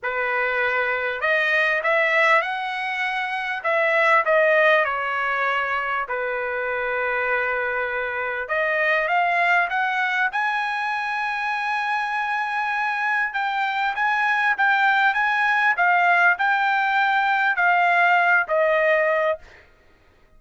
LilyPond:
\new Staff \with { instrumentName = "trumpet" } { \time 4/4 \tempo 4 = 99 b'2 dis''4 e''4 | fis''2 e''4 dis''4 | cis''2 b'2~ | b'2 dis''4 f''4 |
fis''4 gis''2.~ | gis''2 g''4 gis''4 | g''4 gis''4 f''4 g''4~ | g''4 f''4. dis''4. | }